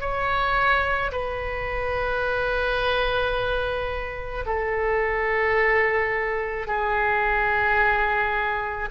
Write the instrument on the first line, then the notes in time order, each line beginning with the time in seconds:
oboe
0.00 C#5
1.12 B4
4.45 A4
6.67 G#4